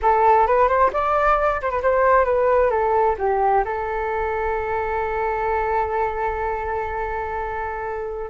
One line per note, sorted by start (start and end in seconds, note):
0.02 0.46 A4
0.46 0.68 B4
0.68 0.90 C5
0.93 1.61 D5
1.61 1.70 C5
1.70 1.81 B4
1.82 2.25 C5
2.25 2.70 B4
2.70 3.15 A4
3.18 3.64 G4
3.64 8.30 A4